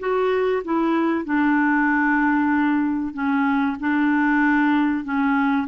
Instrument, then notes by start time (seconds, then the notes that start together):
clarinet
0.00 F#4
0.65 E4
1.25 D4
3.14 C#4
3.80 D4
5.05 C#4